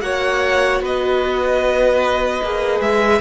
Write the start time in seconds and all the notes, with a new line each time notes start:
0.00 A#3 F#4 C#5 F#5
0.80 B3 B4 D#5
2.42 A#3 G#4
2.80 G#3 E5